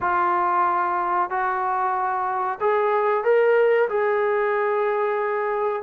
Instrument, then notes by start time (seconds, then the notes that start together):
trombone
0.00 F4
1.29 F#4
2.60 G#4
3.23 A#4
3.89 G#4